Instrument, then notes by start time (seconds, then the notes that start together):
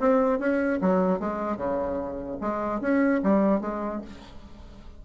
bassoon
0.00 C4
0.39 C#4
0.82 F#3
1.20 G#3
1.57 C#3
2.41 G#3
2.81 C#4
3.23 G3
3.61 G#3